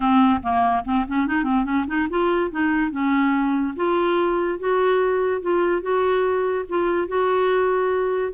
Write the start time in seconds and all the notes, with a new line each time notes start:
0.00 C4
0.42 A#3
0.84 C4
1.07 C#4
1.26 D#4
1.43 C4
1.64 C#4
1.87 D#4
2.09 F4
2.50 D#4
2.91 C#4
3.76 F4
4.59 F#4
5.41 F4
5.81 F#4
6.69 F4
7.08 F#4